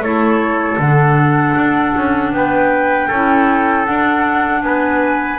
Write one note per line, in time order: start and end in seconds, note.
0.00 0.77 A3
0.00 0.80 E4
0.00 2.34 A4
0.00 0.80 C#5
0.78 1.54 D3
0.78 3.11 D4
0.78 2.33 F#5
1.56 1.95 D4
1.96 2.32 C#4
2.32 3.08 B3
2.32 3.08 B4
2.32 3.85 G5
3.08 3.87 C#4
3.08 4.62 A4
3.14 3.87 E4
3.85 5.38 D4
3.85 4.62 D4
3.85 4.62 F#5
4.62 5.38 B3
4.62 5.38 B4
4.62 5.38 G#5